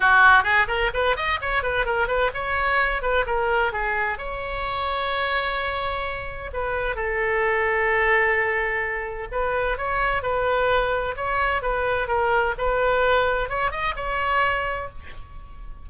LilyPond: \new Staff \with { instrumentName = "oboe" } { \time 4/4 \tempo 4 = 129 fis'4 gis'8 ais'8 b'8 dis''8 cis''8 b'8 | ais'8 b'8 cis''4. b'8 ais'4 | gis'4 cis''2.~ | cis''2 b'4 a'4~ |
a'1 | b'4 cis''4 b'2 | cis''4 b'4 ais'4 b'4~ | b'4 cis''8 dis''8 cis''2 | }